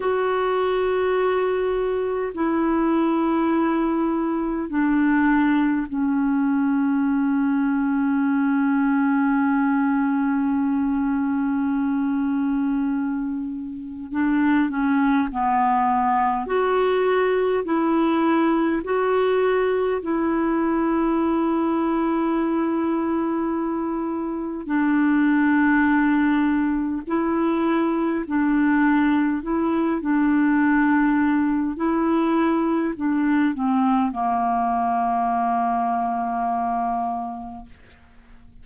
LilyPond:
\new Staff \with { instrumentName = "clarinet" } { \time 4/4 \tempo 4 = 51 fis'2 e'2 | d'4 cis'2.~ | cis'1 | d'8 cis'8 b4 fis'4 e'4 |
fis'4 e'2.~ | e'4 d'2 e'4 | d'4 e'8 d'4. e'4 | d'8 c'8 ais2. | }